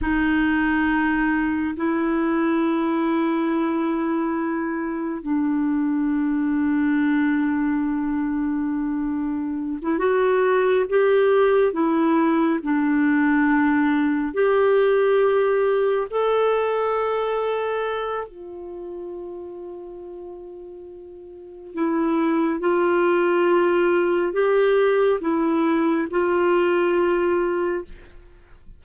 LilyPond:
\new Staff \with { instrumentName = "clarinet" } { \time 4/4 \tempo 4 = 69 dis'2 e'2~ | e'2 d'2~ | d'2.~ d'16 e'16 fis'8~ | fis'8 g'4 e'4 d'4.~ |
d'8 g'2 a'4.~ | a'4 f'2.~ | f'4 e'4 f'2 | g'4 e'4 f'2 | }